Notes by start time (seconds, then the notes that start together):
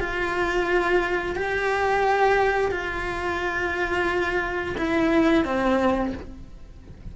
0.00 F4
1.36 G4
2.71 F4
4.78 E4
5.45 C4